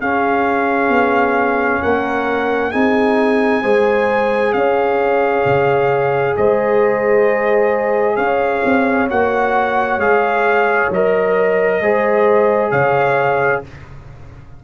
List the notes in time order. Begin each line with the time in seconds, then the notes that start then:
0.00 C#4 G#4 F5
0.89 B3
1.82 A#3 A#4 F#5
2.71 C4 D#4 G#4 G#5
3.62 G#3 G#4 C5
4.53 C#4 C#5 F5
5.45 C#3
6.37 G#3 C5 D#5
8.16 C#4 C#5 F5
8.65 C4
9.09 A#3 F#4 F#5
9.97 G#3 G#4 F5
10.90 F#3 A#4 D#5
11.81 G#3 G#4 C5
12.71 C#3 C#5 F5